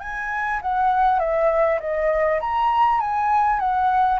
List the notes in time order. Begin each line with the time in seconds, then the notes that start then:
0.00 G#5
0.62 F#5
1.19 E5
1.80 D#5
2.41 A#5
3.01 G#5
3.60 F#5